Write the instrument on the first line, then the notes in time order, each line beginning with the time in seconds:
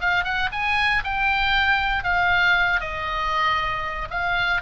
oboe
0.00 F5
0.24 F#5
0.52 G#5
1.04 G5
2.03 F5
2.80 D#5
4.10 F5